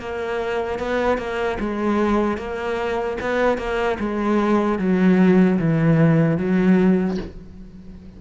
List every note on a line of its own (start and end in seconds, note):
0.00 0.79 A#3
0.79 1.18 B3
1.18 1.58 A#3
1.60 2.37 G#3
2.37 3.17 A#3
3.21 3.58 B3
3.58 3.98 A#3
4.00 4.79 G#3
4.79 5.59 F#3
5.59 6.38 E3
6.38 7.18 F#3